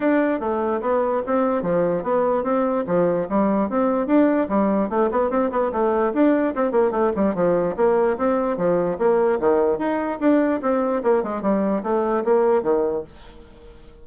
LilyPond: \new Staff \with { instrumentName = "bassoon" } { \time 4/4 \tempo 4 = 147 d'4 a4 b4 c'4 | f4 b4 c'4 f4 | g4 c'4 d'4 g4 | a8 b8 c'8 b8 a4 d'4 |
c'8 ais8 a8 g8 f4 ais4 | c'4 f4 ais4 dis4 | dis'4 d'4 c'4 ais8 gis8 | g4 a4 ais4 dis4 | }